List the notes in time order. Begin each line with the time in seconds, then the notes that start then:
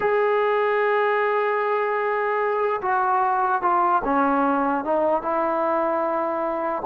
0.00 G#4
2.81 F#4
3.61 F4
4.04 C#4
4.84 D#4
5.21 E4